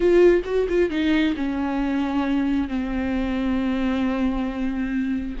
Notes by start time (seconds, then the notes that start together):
0.00 F4
0.44 F#4
0.69 F4
0.90 D#4
1.36 C#4
2.68 C4